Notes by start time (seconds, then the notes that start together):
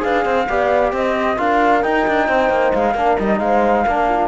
0.00 D4 G#4 B4 F5
0.25 C4 C5
0.50 B3 G4 D5
0.93 C4 C5 D#5
1.37 D4 F4 A#4 F5
1.83 D#4 G5
2.08 D4
2.27 C4 C5
2.50 A#3
2.74 G#3 F5
2.94 A#3 D4 A#4
3.20 G3 D#4 D#5
3.40 G#3 C5 F5
3.85 A#3 D4 A#4
4.09 F4